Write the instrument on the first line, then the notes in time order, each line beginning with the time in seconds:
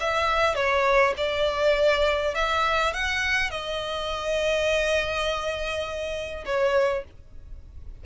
violin
0.00 E5
0.55 C#5
1.17 D5
2.35 E5
2.94 F#5
3.51 D#5
6.45 C#5